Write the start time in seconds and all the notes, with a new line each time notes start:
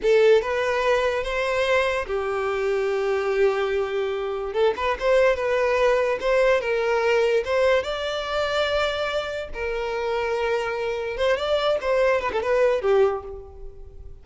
0.02 A4
0.41 B4
1.23 C5
2.06 G4
4.53 A4
4.76 B4
4.99 C5
5.35 B4
6.20 C5
6.61 A#4
7.44 C5
7.83 D5
9.53 A#4
11.17 C5
11.36 D5
11.81 C5
12.21 B4
12.32 A4
12.42 B4
12.81 G4